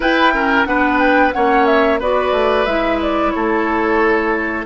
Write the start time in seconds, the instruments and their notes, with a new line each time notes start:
0.00 clarinet E4, bassoon E4, oboe B4, flute G5
0.33 clarinet C#4, oboe A#4
0.65 bassoon B3, clarinet D4, oboe B4, flute F#5
0.98 flute G5
1.32 bassoon A#3, clarinet C#4, oboe C#5, flute F#5
1.66 flute E5
1.99 bassoon B3, clarinet F#4, oboe B4, flute D5
2.32 bassoon A3
2.65 bassoon G#3, clarinet E4, flute E5
3.02 flute D5
3.30 bassoon A3, oboe A4, flute C#5